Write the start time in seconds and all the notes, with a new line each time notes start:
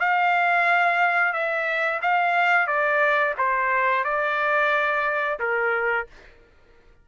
0.00 F5
1.33 E5
2.02 F5
2.67 D5
3.38 C5
4.04 D5
5.40 A#4